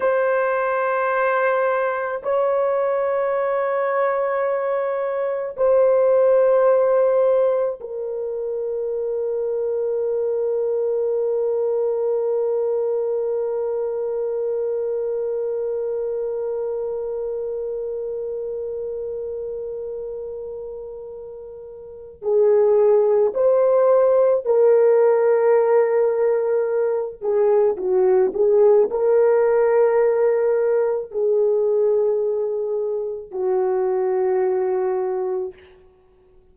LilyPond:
\new Staff \with { instrumentName = "horn" } { \time 4/4 \tempo 4 = 54 c''2 cis''2~ | cis''4 c''2 ais'4~ | ais'1~ | ais'1~ |
ais'1 | gis'4 c''4 ais'2~ | ais'8 gis'8 fis'8 gis'8 ais'2 | gis'2 fis'2 | }